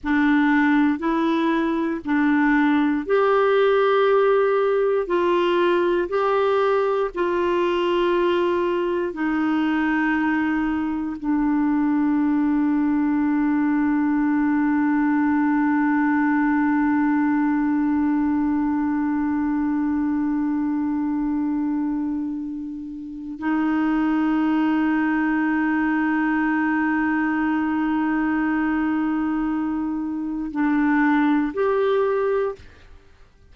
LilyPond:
\new Staff \with { instrumentName = "clarinet" } { \time 4/4 \tempo 4 = 59 d'4 e'4 d'4 g'4~ | g'4 f'4 g'4 f'4~ | f'4 dis'2 d'4~ | d'1~ |
d'1~ | d'2. dis'4~ | dis'1~ | dis'2 d'4 g'4 | }